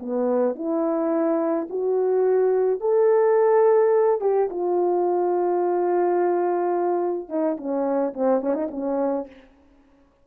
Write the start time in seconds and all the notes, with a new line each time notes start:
0.00 B3
0.56 E4
1.70 F#4
2.81 A4
4.21 G4
4.50 F4
7.29 D#4
7.58 C#4
8.14 C4
8.42 C#4
8.54 D#4
8.71 C#4